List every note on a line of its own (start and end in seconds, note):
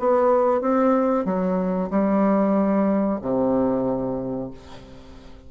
0.00 0.61 B3
0.61 1.26 C4
1.26 1.90 F#3
1.91 3.20 G3
3.22 4.51 C3